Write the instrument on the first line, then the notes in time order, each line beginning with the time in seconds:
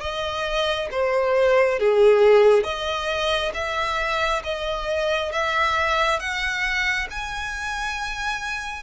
violin
0.00 D#5
0.91 C5
1.79 G#4
2.64 D#5
3.54 E5
4.43 D#5
5.31 E5
6.19 F#5
7.10 G#5